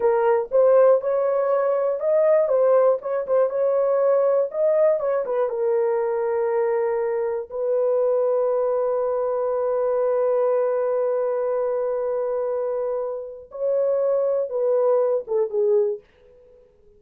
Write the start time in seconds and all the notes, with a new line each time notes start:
0.00 A#4
0.51 C5
1.01 C#5
2.00 D#5
2.48 C5
3.01 C#5
3.26 C5
3.49 C#5
4.51 D#5
5.00 C#5
5.25 B4
5.49 A#4
7.50 B4
13.51 C#5
14.49 B4
15.27 A4
15.50 G#4